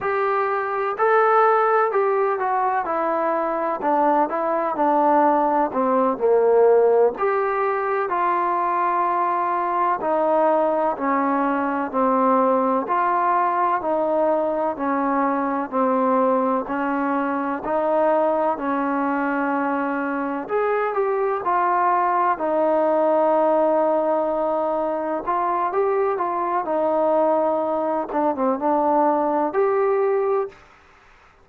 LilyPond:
\new Staff \with { instrumentName = "trombone" } { \time 4/4 \tempo 4 = 63 g'4 a'4 g'8 fis'8 e'4 | d'8 e'8 d'4 c'8 ais4 g'8~ | g'8 f'2 dis'4 cis'8~ | cis'8 c'4 f'4 dis'4 cis'8~ |
cis'8 c'4 cis'4 dis'4 cis'8~ | cis'4. gis'8 g'8 f'4 dis'8~ | dis'2~ dis'8 f'8 g'8 f'8 | dis'4. d'16 c'16 d'4 g'4 | }